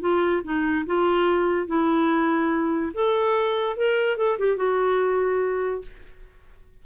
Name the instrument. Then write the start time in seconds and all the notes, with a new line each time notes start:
clarinet
0.00 F4
0.43 D#4
0.86 F4
1.66 E4
2.93 A4
3.76 A#4
4.17 A4
4.38 G4
4.56 F#4